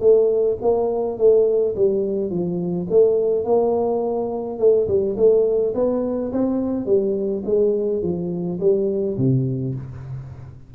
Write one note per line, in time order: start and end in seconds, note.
0.00 0.57 A3
0.61 1.18 A#3
1.18 1.75 A3
1.75 2.30 G3
2.30 2.87 F3
2.90 3.44 A3
3.44 4.59 A#3
4.59 4.87 A3
4.88 5.16 G3
5.16 5.74 A3
5.75 6.32 B3
6.32 6.86 C4
6.86 7.43 G3
7.45 8.02 G#3
8.02 8.59 F3
8.60 9.17 G3
9.17 9.74 C3